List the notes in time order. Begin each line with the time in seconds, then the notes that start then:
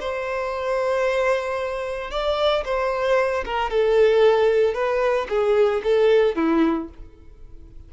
0.00 C5
2.11 D5
2.65 C5
3.45 A#4
3.70 A4
4.74 B4
5.29 G#4
5.84 A4
6.35 E4